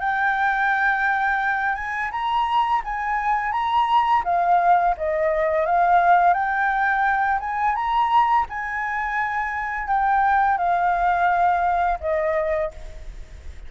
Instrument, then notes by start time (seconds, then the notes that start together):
flute
0.00 G5
1.75 G#5
2.11 A#5
2.84 G#5
3.52 A#5
4.24 F5
4.97 D#5
5.66 F5
6.33 G5
7.40 G#5
7.75 A#5
8.49 G#5
9.87 G5
10.57 F5
12.00 D#5